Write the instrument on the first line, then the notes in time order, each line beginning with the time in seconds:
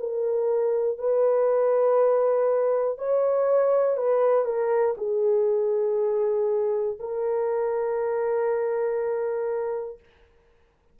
horn
0.00 A#4
0.99 B4
2.98 C#5
3.98 B4
4.45 A#4
4.98 G#4
7.00 A#4